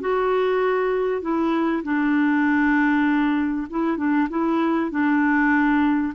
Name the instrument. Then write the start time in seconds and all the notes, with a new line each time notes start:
clarinet
0.00 F#4
1.21 E4
1.83 D4
3.70 E4
3.97 D4
4.29 E4
4.91 D4